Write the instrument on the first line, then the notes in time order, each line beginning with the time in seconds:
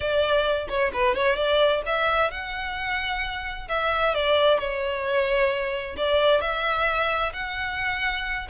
violin
0.00 D5
0.68 C#5
0.93 B4
1.15 C#5
1.36 D5
1.86 E5
2.30 F#5
3.68 E5
4.14 D5
4.58 C#5
5.96 D5
6.40 E5
7.33 F#5